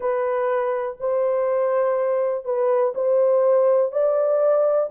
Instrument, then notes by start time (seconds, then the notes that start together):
horn
0.00 B4
1.00 C5
2.44 B4
2.94 C5
3.92 D5